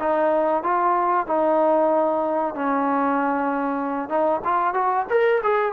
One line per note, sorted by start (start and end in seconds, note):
0.00 0.63 D#4
0.63 1.27 F4
1.27 2.55 D#4
2.55 4.09 C#4
4.09 4.41 D#4
4.44 4.74 F4
4.74 5.06 F#4
5.10 5.42 A#4
5.43 5.73 G#4